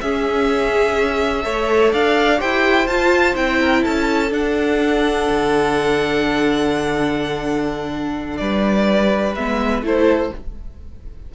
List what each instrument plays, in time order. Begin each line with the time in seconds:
0.00 viola C#4, cello C#4, violin G#4 E5
1.43 cello A3, viola A4, violin C#5
1.93 cello D4, violin D5 F5
2.37 cello E4, viola G4, violin C5 G5
2.87 cello F4, viola F4, violin A5
3.35 cello C4, viola E4, violin G5
3.60 violin A#4
3.82 cello C#4, violin A4 A5
4.30 viola D4, cello D4, violin F#5
5.30 cello D3
8.37 cello G3, violin B4 D5
9.35 cello G#3, viola B3, violin E5
9.82 cello A3, viola E4, violin A4 C5